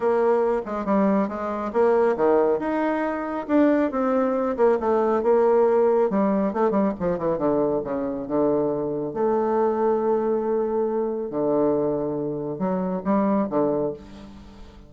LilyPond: \new Staff \with { instrumentName = "bassoon" } { \time 4/4 \tempo 4 = 138 ais4. gis8 g4 gis4 | ais4 dis4 dis'2 | d'4 c'4. ais8 a4 | ais2 g4 a8 g8 |
f8 e8 d4 cis4 d4~ | d4 a2.~ | a2 d2~ | d4 fis4 g4 d4 | }